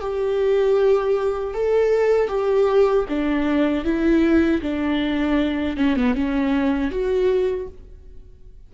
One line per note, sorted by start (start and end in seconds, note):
0.00 1.53 G4
1.53 2.28 A4
2.28 3.05 G4
3.08 3.84 D4
3.84 4.61 E4
4.61 5.77 D4
5.77 5.96 C#4
5.96 6.14 B3
6.14 6.90 C#4
6.90 7.67 F#4